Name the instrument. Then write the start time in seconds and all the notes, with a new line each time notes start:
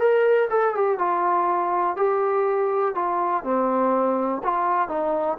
trombone
0.00 A#4
0.51 A4
0.75 G4
0.99 F4
1.97 G4
2.95 F4
3.44 C4
4.44 F4
4.89 D#4